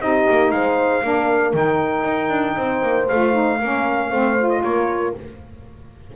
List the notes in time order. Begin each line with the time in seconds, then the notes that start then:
0.00 C4 D#4 G4 D#5
0.30 A#3
0.51 G#3 C5 F5
1.03 A#3 D4 A#4
1.53 D#3 D#4 G5
2.04 D#4
2.30 D4
2.57 C4 C5
2.82 A#3
3.09 A3 F4 F5
3.33 D#4
3.59 A#3 C#4 A#4
4.10 A3 C4 C5
4.39 F4
4.49 D#5
4.63 A#3 A#4 C#5